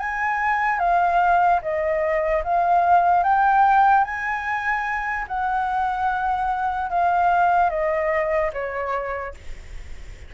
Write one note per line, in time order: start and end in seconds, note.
0.00 0.79 G#5
0.79 1.60 F5
1.63 2.44 D#5
2.44 3.24 F5
3.24 4.05 G5
4.05 5.26 G#5
5.28 6.90 F#5
6.90 7.70 F5
7.70 8.51 D#5
8.54 9.35 C#5